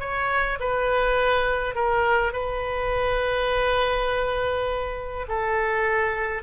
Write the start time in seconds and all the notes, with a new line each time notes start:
0.00 C#5
0.60 B4
1.75 A#4
2.33 B4
5.28 A4